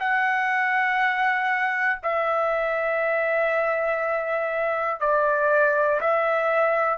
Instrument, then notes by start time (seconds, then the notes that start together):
trumpet
0.00 F#5
2.03 E5
5.00 D5
6.00 E5